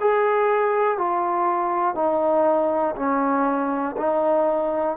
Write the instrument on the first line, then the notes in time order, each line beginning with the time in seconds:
trombone
0.00 G#4
0.97 F4
1.95 D#4
2.96 C#4
3.97 D#4